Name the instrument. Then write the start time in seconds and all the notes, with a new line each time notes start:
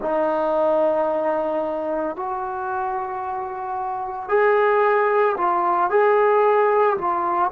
trombone
0.01 D#4
2.16 F#4
4.29 G#4
5.37 F4
5.89 G#4
6.97 F4